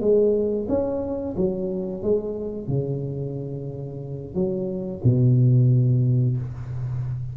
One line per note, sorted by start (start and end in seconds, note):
0.00 0.67 G#3
0.69 1.35 C#4
1.37 2.03 F#3
2.03 2.68 G#3
2.68 4.35 C#3
4.35 5.02 F#3
5.04 6.37 B2